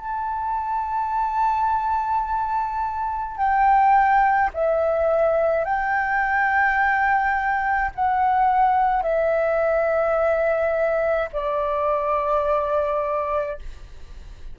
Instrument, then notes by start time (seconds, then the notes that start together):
flute
0.00 A5
3.37 G5
4.54 E5
5.65 G5
7.96 F#5
9.03 E5
11.33 D5